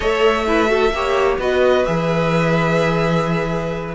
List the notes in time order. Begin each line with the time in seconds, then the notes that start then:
0.00 A3 A4 C#5 E5
0.47 E4 B4
0.67 F#4 A4
0.91 A#3 G4 C#5
1.38 B3 F#4 B4 D#5
1.85 E3 G#4 E5